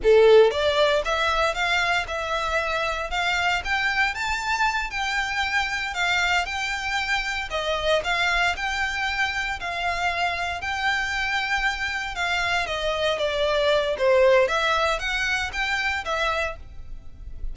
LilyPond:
\new Staff \with { instrumentName = "violin" } { \time 4/4 \tempo 4 = 116 a'4 d''4 e''4 f''4 | e''2 f''4 g''4 | a''4. g''2 f''8~ | f''8 g''2 dis''4 f''8~ |
f''8 g''2 f''4.~ | f''8 g''2. f''8~ | f''8 dis''4 d''4. c''4 | e''4 fis''4 g''4 e''4 | }